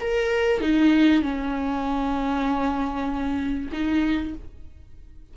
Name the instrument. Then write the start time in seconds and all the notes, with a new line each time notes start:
viola
0.00 A#4
0.60 D#4
1.22 C#4
3.72 D#4